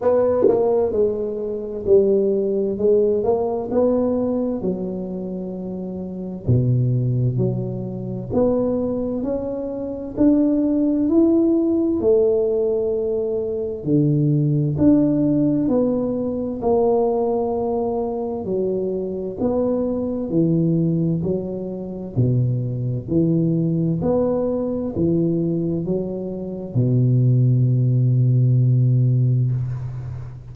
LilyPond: \new Staff \with { instrumentName = "tuba" } { \time 4/4 \tempo 4 = 65 b8 ais8 gis4 g4 gis8 ais8 | b4 fis2 b,4 | fis4 b4 cis'4 d'4 | e'4 a2 d4 |
d'4 b4 ais2 | fis4 b4 e4 fis4 | b,4 e4 b4 e4 | fis4 b,2. | }